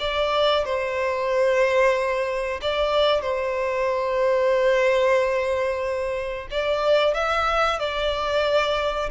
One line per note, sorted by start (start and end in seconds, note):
0.00 0.65 D5
0.65 2.61 C5
2.62 3.22 D5
3.22 6.48 C5
6.51 7.14 D5
7.14 7.79 E5
7.79 9.10 D5